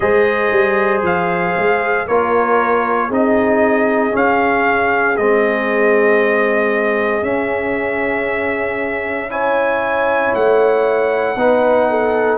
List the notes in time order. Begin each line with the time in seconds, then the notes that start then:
0.00 G#3 G#4 C5 D#5
0.51 G3
1.02 F3 F5
1.56 G#3
2.07 A#3 F4 A#4 C#5
3.08 C4 D#4 G#4 D#5
4.11 C#4 F5
5.16 G#3 C4 D#5
7.22 C#4 E5
9.29 E4 C#5 G#5
10.34 A3 F#5
11.36 B3 D#4 B4
11.90 A4